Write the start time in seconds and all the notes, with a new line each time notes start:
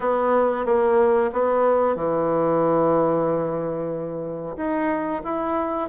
0.00 B3
0.65 A#3
1.32 B3
1.95 E3
4.56 D#4
5.24 E4